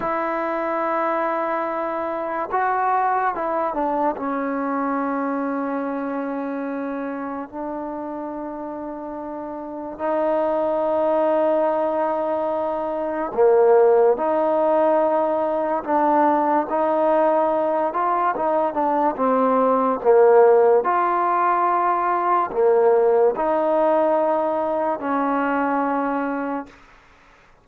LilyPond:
\new Staff \with { instrumentName = "trombone" } { \time 4/4 \tempo 4 = 72 e'2. fis'4 | e'8 d'8 cis'2.~ | cis'4 d'2. | dis'1 |
ais4 dis'2 d'4 | dis'4. f'8 dis'8 d'8 c'4 | ais4 f'2 ais4 | dis'2 cis'2 | }